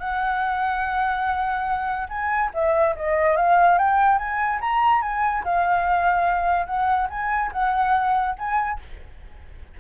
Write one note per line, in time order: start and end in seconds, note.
0.00 2.08 F#5
2.09 2.51 G#5
2.54 2.96 E5
2.96 3.37 D#5
3.37 3.78 F5
3.79 4.18 G5
4.18 4.60 G#5
4.61 5.02 A#5
5.02 5.44 G#5
5.45 6.66 F5
6.66 7.08 F#5
7.10 7.52 G#5
7.53 8.36 F#5
8.38 8.80 G#5